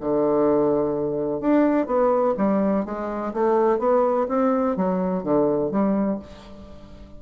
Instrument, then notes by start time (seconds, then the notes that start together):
bassoon
0.00 D3
1.40 D4
1.86 B3
2.37 G3
2.85 G#3
3.33 A3
3.79 B3
4.28 C4
4.76 F#3
5.23 D3
5.71 G3